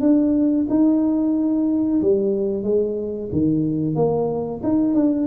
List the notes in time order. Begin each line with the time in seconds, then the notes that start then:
0.00 D4
0.69 D#4
2.01 G3
2.63 G#3
3.32 D#3
3.95 A#3
4.63 D#4
4.94 D4